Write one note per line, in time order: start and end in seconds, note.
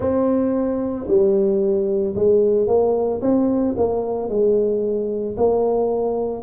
0.00 1.06 C4
1.07 2.14 G3
2.15 2.67 G#3
2.67 3.20 A#3
3.21 3.75 C4
3.77 4.29 A#3
4.29 5.36 G#3
5.36 6.42 A#3